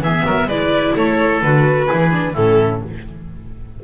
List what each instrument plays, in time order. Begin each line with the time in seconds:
0.00 double bass E3, viola B3, oboe G#4, violin E5
0.26 double bass F#3, oboe A#4
0.46 double bass G#3, viola E4, oboe B4, violin D5
0.96 double bass A3, oboe A4, violin C#5
1.42 double bass D3, viola F#4, violin B4
1.87 viola E4, oboe G#4
1.93 double bass E3
2.11 viola D4
2.34 double bass A2, viola C#4, oboe E4, violin A4